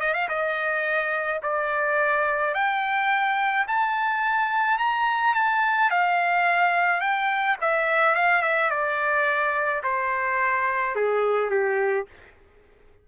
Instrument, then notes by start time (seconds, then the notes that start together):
trumpet
0.00 D#5
0.14 F5
0.28 D#5
1.42 D5
2.54 G5
3.67 A5
4.78 A#5
5.34 A5
5.90 F5
7.00 G5
7.60 E5
8.14 F5
8.42 E5
8.70 D5
9.83 C5
10.95 G#4
11.50 G4